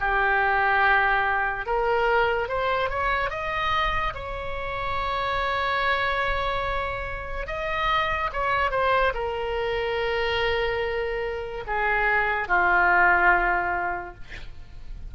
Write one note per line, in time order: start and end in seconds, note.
0.00 1.66 G4
1.66 2.48 A#4
2.48 2.90 C5
2.90 3.30 C#5
3.30 4.13 D#5
4.15 7.47 C#5
7.47 8.30 D#5
8.33 8.71 C#5
8.71 9.13 C5
9.14 11.64 A#4
11.67 12.48 G#4
12.48 14.15 F4